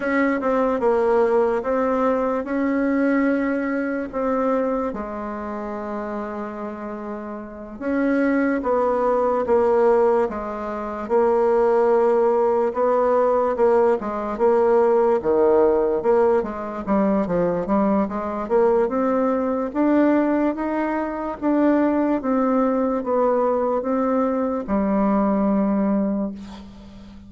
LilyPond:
\new Staff \with { instrumentName = "bassoon" } { \time 4/4 \tempo 4 = 73 cis'8 c'8 ais4 c'4 cis'4~ | cis'4 c'4 gis2~ | gis4. cis'4 b4 ais8~ | ais8 gis4 ais2 b8~ |
b8 ais8 gis8 ais4 dis4 ais8 | gis8 g8 f8 g8 gis8 ais8 c'4 | d'4 dis'4 d'4 c'4 | b4 c'4 g2 | }